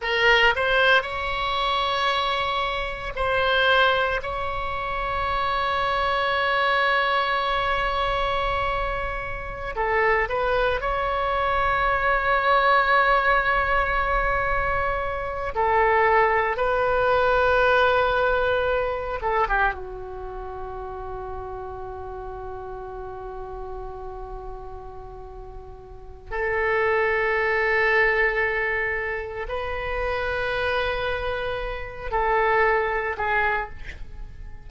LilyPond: \new Staff \with { instrumentName = "oboe" } { \time 4/4 \tempo 4 = 57 ais'8 c''8 cis''2 c''4 | cis''1~ | cis''4~ cis''16 a'8 b'8 cis''4.~ cis''16~ | cis''2~ cis''8. a'4 b'16~ |
b'2~ b'16 a'16 g'16 fis'4~ fis'16~ | fis'1~ | fis'4 a'2. | b'2~ b'8 a'4 gis'8 | }